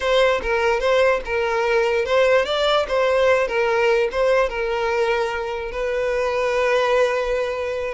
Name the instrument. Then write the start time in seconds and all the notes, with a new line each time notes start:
violin
0.00 C5
0.42 A#4
0.80 C5
1.25 A#4
2.05 C5
2.45 D5
2.88 C5
3.47 A#4
4.11 C5
4.49 A#4
5.71 B4